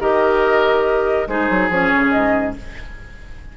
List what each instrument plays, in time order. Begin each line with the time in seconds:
0.00 bassoon D#3, clarinet G4, oboe A#4, flute D#5
1.27 bassoon G#3, clarinet D#4, oboe G#4, flute C5
1.50 bassoon F#3
1.70 bassoon F3, clarinet C#4, flute C#5
1.96 bassoon C#3
2.11 bassoon G#2, flute D#5